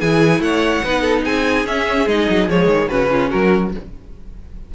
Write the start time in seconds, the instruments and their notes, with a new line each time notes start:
0.00 cello E3, viola E4, violin G#4 G#5
0.39 cello A3, violin C#5 F#5
0.84 cello B3, viola D#4, violin B4
1.01 violin A4
1.24 cello C4, violin G#4 G#5
1.65 cello C#4, viola C#4, violin E5
2.06 cello G#3, viola D#4, violin D#5
2.29 cello F#3
2.49 cello F3, viola G#3, violin C#5
2.67 cello D#3
2.89 cello C#3, viola C#4, violin F#4 B4
3.11 violin F4
3.30 cello F#3, violin F#4 A#4